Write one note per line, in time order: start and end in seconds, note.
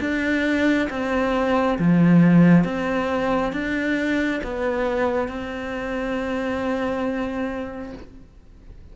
0.00 0.88 D4
0.89 1.78 C4
1.78 2.64 F3
2.64 3.52 C4
3.52 4.40 D4
4.43 5.28 B3
5.28 7.93 C4